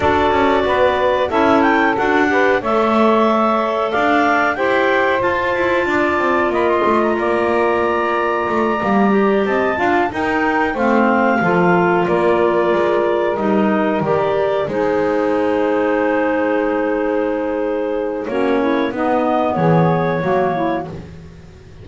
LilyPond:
<<
  \new Staff \with { instrumentName = "clarinet" } { \time 4/4 \tempo 4 = 92 d''2 e''8 g''8 fis''4 | e''2 f''4 g''4 | a''2 b''16 c'''8 ais''4~ ais''16~ | ais''2~ ais''8 a''4 g''8~ |
g''8 f''2 d''4.~ | d''8 dis''4 d''4 c''4.~ | c''1 | cis''4 dis''4 cis''2 | }
  \new Staff \with { instrumentName = "saxophone" } { \time 4/4 a'4 b'4 a'4. b'8 | cis''2 d''4 c''4~ | c''4 d''4 dis''4 d''4~ | d''2~ d''8 dis''8 f''8 ais'8~ |
ais'8 c''4 a'4 ais'4.~ | ais'2~ ais'8 gis'4.~ | gis'1 | fis'8 e'8 dis'4 gis'4 fis'8 e'8 | }
  \new Staff \with { instrumentName = "clarinet" } { \time 4/4 fis'2 e'4 fis'8 g'8 | a'2. g'4 | f'1~ | f'4. ais8 g'4 f'8 dis'8~ |
dis'8 c'4 f'2~ f'8~ | f'8 dis'4 g'4 dis'4.~ | dis'1 | cis'4 b2 ais4 | }
  \new Staff \with { instrumentName = "double bass" } { \time 4/4 d'8 cis'8 b4 cis'4 d'4 | a2 d'4 e'4 | f'8 e'8 d'8 c'8 ais8 a8 ais4~ | ais4 a8 g4 c'8 d'8 dis'8~ |
dis'8 a4 f4 ais4 gis8~ | gis8 g4 dis4 gis4.~ | gis1 | ais4 b4 e4 fis4 | }
>>